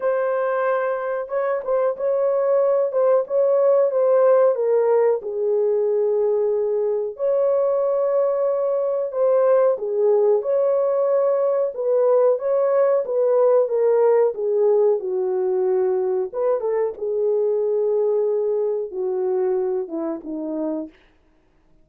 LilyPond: \new Staff \with { instrumentName = "horn" } { \time 4/4 \tempo 4 = 92 c''2 cis''8 c''8 cis''4~ | cis''8 c''8 cis''4 c''4 ais'4 | gis'2. cis''4~ | cis''2 c''4 gis'4 |
cis''2 b'4 cis''4 | b'4 ais'4 gis'4 fis'4~ | fis'4 b'8 a'8 gis'2~ | gis'4 fis'4. e'8 dis'4 | }